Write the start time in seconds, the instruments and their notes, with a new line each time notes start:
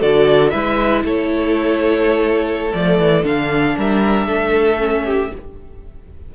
0.00 cello D3, viola F#4, violin A4 D5
0.49 cello G#3, viola E4, violin B4 E5
1.04 cello A3, violin A4 C#5
2.73 cello F3, viola A3, violin D5
2.98 cello E3
3.23 cello D3, viola D4, violin F5
3.77 cello G3, violin A#4 E5
4.28 cello A3, violin A4
4.78 viola C#4
5.05 violin G4